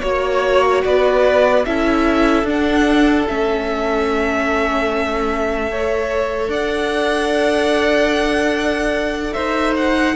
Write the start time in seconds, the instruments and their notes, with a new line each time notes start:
0.00 cello A#3, viola F#4, violin C#5
0.84 cello B3, violin B4 D5
1.65 cello C#4, viola E4, violin A4 E5
2.43 cello D4, viola D4, violin F#5
3.27 cello A3, viola C#4, violin E5
5.71 viola A4, violin C#5
6.48 cello D4, violin D5 F#5
9.33 cello D#4, violin C5 E5
9.76 violin F#5